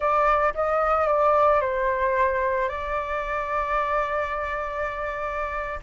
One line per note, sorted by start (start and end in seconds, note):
0.00 0.53 D5
0.54 1.07 D#5
1.07 1.61 D5
1.61 2.69 C5
2.69 5.79 D5